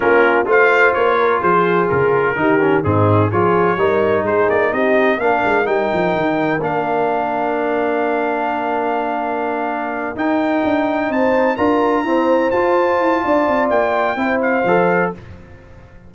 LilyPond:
<<
  \new Staff \with { instrumentName = "trumpet" } { \time 4/4 \tempo 4 = 127 ais'4 f''4 cis''4 c''4 | ais'2 gis'4 cis''4~ | cis''4 c''8 d''8 dis''4 f''4 | g''2 f''2~ |
f''1~ | f''4. g''2 a''8~ | a''8 ais''2 a''4.~ | a''4 g''4. f''4. | }
  \new Staff \with { instrumentName = "horn" } { \time 4/4 f'4 c''4. ais'8 gis'4~ | gis'4 g'4 dis'4 gis'4 | ais'4 gis'4 g'4 ais'4~ | ais'1~ |
ais'1~ | ais'2.~ ais'8 c''8~ | c''8 ais'4 c''2~ c''8 | d''2 c''2 | }
  \new Staff \with { instrumentName = "trombone" } { \time 4/4 cis'4 f'2.~ | f'4 dis'8 cis'8 c'4 f'4 | dis'2. d'4 | dis'2 d'2~ |
d'1~ | d'4. dis'2~ dis'8~ | dis'8 f'4 c'4 f'4.~ | f'2 e'4 a'4 | }
  \new Staff \with { instrumentName = "tuba" } { \time 4/4 ais4 a4 ais4 f4 | cis4 dis4 gis,4 f4 | g4 gis8 ais8 c'4 ais8 gis8 | g8 f8 dis4 ais2~ |
ais1~ | ais4. dis'4 d'4 c'8~ | c'8 d'4 e'4 f'4 e'8 | d'8 c'8 ais4 c'4 f4 | }
>>